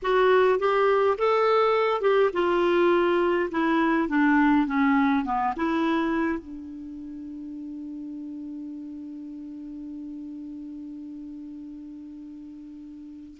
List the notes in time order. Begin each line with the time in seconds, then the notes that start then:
0.02 F#4
0.59 G4
1.18 A4
2.01 G4
2.33 F4
3.51 E4
4.08 D4
4.66 C#4
5.24 B3
5.56 E4
6.38 D4